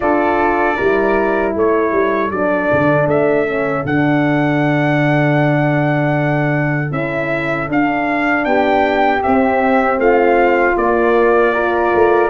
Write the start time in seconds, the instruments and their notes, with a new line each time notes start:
0.00 tuba D4, horn F4, flute A4, trumpet D5
0.76 tuba G3, horn E4, flute A#4
1.53 tuba A3, flute A4, trumpet C#5
1.92 tuba G3
2.30 tuba F#3, horn D4, trumpet D5
2.72 tuba D3
3.06 tuba A3, trumpet E5
3.47 horn C#4
3.85 tuba D3, horn D4, trumpet F#5
6.90 tuba C#4, horn E4, trumpet E5
7.68 tuba D4, horn D4, trumpet F5
8.44 tuba B3, flute G4, trumpet G5
9.21 horn C4, tuba C4, trumpet E5
9.97 tuba A3, flute F4, trumpet F5
10.76 horn A#3, tuba A#3, trumpet D5
11.53 horn F4, flute A#4
11.94 tuba A3